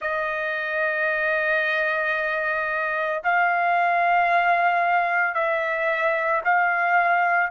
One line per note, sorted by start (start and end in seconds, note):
0.00 3.22 D#5
3.23 5.34 F5
5.34 6.41 E5
6.44 7.50 F5